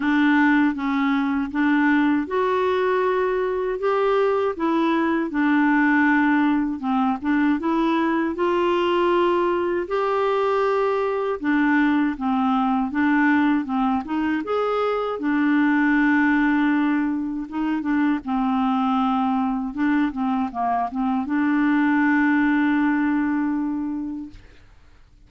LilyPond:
\new Staff \with { instrumentName = "clarinet" } { \time 4/4 \tempo 4 = 79 d'4 cis'4 d'4 fis'4~ | fis'4 g'4 e'4 d'4~ | d'4 c'8 d'8 e'4 f'4~ | f'4 g'2 d'4 |
c'4 d'4 c'8 dis'8 gis'4 | d'2. dis'8 d'8 | c'2 d'8 c'8 ais8 c'8 | d'1 | }